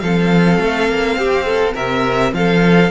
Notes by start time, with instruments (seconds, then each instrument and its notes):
0.00 cello F3, viola C4, violin A4 F5
0.60 cello A3
0.88 cello A#3
1.16 cello C4, violin G4
1.45 violin A4
1.74 cello C3, violin A#4 E5
2.33 cello F3, violin A4 F5